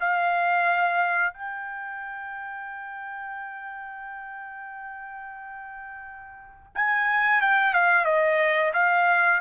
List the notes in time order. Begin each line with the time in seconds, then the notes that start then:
0.00 F5
1.34 G5
6.75 G#5
7.42 G5
7.74 F5
8.05 D#5
8.74 F5